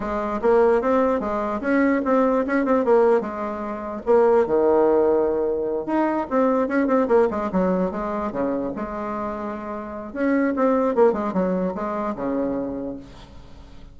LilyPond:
\new Staff \with { instrumentName = "bassoon" } { \time 4/4 \tempo 4 = 148 gis4 ais4 c'4 gis4 | cis'4 c'4 cis'8 c'8 ais4 | gis2 ais4 dis4~ | dis2~ dis8 dis'4 c'8~ |
c'8 cis'8 c'8 ais8 gis8 fis4 gis8~ | gis8 cis4 gis2~ gis8~ | gis4 cis'4 c'4 ais8 gis8 | fis4 gis4 cis2 | }